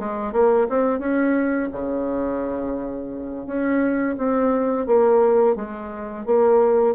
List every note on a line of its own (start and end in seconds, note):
0.00 0.33 G#3
0.33 0.68 A#3
0.70 1.00 C4
1.00 1.70 C#4
1.73 3.47 C#3
3.47 4.16 C#4
4.18 4.87 C4
4.87 5.56 A#3
5.56 6.26 G#3
6.26 6.95 A#3